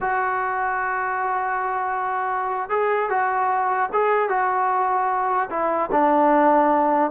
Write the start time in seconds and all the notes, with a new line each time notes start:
0.00 F#4
2.69 G#4
3.09 F#4
3.92 G#4
4.29 F#4
5.50 E4
5.91 D4